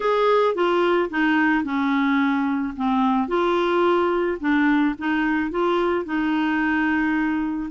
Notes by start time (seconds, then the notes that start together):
0.00 G#4
0.54 F4
1.09 D#4
1.64 C#4
2.76 C4
3.28 F4
4.40 D4
4.98 D#4
5.50 F4
6.05 D#4